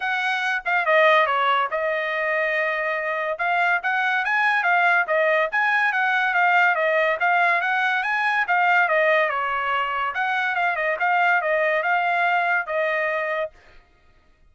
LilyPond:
\new Staff \with { instrumentName = "trumpet" } { \time 4/4 \tempo 4 = 142 fis''4. f''8 dis''4 cis''4 | dis''1 | f''4 fis''4 gis''4 f''4 | dis''4 gis''4 fis''4 f''4 |
dis''4 f''4 fis''4 gis''4 | f''4 dis''4 cis''2 | fis''4 f''8 dis''8 f''4 dis''4 | f''2 dis''2 | }